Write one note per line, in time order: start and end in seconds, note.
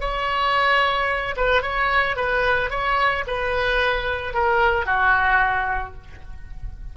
0.00 1.35 C#5
1.37 1.62 B4
1.62 2.16 C#5
2.16 2.70 B4
2.70 3.24 C#5
3.27 4.34 B4
4.34 4.85 A#4
4.85 5.93 F#4